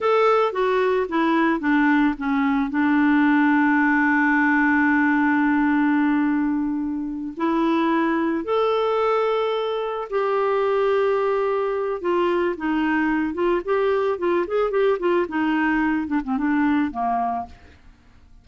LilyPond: \new Staff \with { instrumentName = "clarinet" } { \time 4/4 \tempo 4 = 110 a'4 fis'4 e'4 d'4 | cis'4 d'2.~ | d'1~ | d'4. e'2 a'8~ |
a'2~ a'8 g'4.~ | g'2 f'4 dis'4~ | dis'8 f'8 g'4 f'8 gis'8 g'8 f'8 | dis'4. d'16 c'16 d'4 ais4 | }